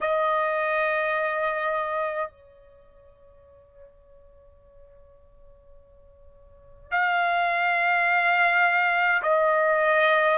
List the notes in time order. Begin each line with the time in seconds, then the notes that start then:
0.00 D#5
2.30 C#5
6.91 F5
9.22 D#5